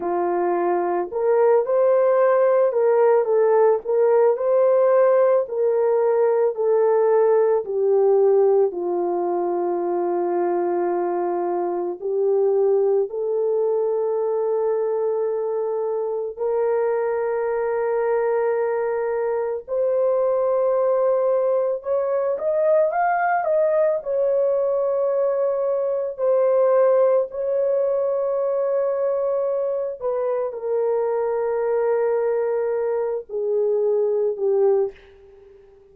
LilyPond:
\new Staff \with { instrumentName = "horn" } { \time 4/4 \tempo 4 = 55 f'4 ais'8 c''4 ais'8 a'8 ais'8 | c''4 ais'4 a'4 g'4 | f'2. g'4 | a'2. ais'4~ |
ais'2 c''2 | cis''8 dis''8 f''8 dis''8 cis''2 | c''4 cis''2~ cis''8 b'8 | ais'2~ ais'8 gis'4 g'8 | }